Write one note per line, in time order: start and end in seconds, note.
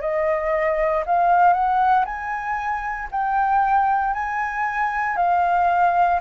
0.00 1.03 D#5
1.06 1.53 F5
1.53 2.05 F#5
2.05 3.08 G#5
3.11 4.13 G5
4.13 5.16 G#5
5.16 6.20 F5